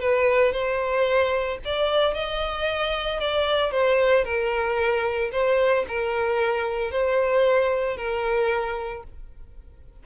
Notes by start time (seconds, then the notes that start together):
0.00 B4
0.52 C5
1.65 D5
2.14 D#5
3.20 D5
3.71 C5
4.24 A#4
5.32 C5
5.88 A#4
6.91 C5
7.97 A#4